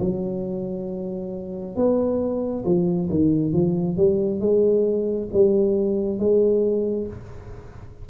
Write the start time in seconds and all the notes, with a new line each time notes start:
0.00 F#3
1.76 B3
2.65 F3
3.10 D#3
3.53 F3
3.97 G3
4.40 G#3
5.33 G3
6.18 G#3